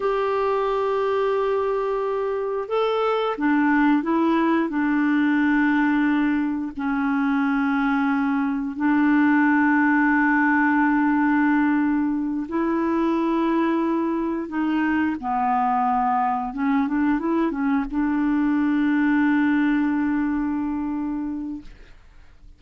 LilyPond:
\new Staff \with { instrumentName = "clarinet" } { \time 4/4 \tempo 4 = 89 g'1 | a'4 d'4 e'4 d'4~ | d'2 cis'2~ | cis'4 d'2.~ |
d'2~ d'8 e'4.~ | e'4. dis'4 b4.~ | b8 cis'8 d'8 e'8 cis'8 d'4.~ | d'1 | }